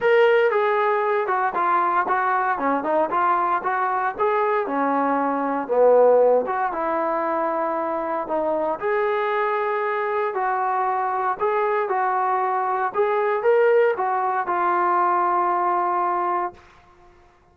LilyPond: \new Staff \with { instrumentName = "trombone" } { \time 4/4 \tempo 4 = 116 ais'4 gis'4. fis'8 f'4 | fis'4 cis'8 dis'8 f'4 fis'4 | gis'4 cis'2 b4~ | b8 fis'8 e'2. |
dis'4 gis'2. | fis'2 gis'4 fis'4~ | fis'4 gis'4 ais'4 fis'4 | f'1 | }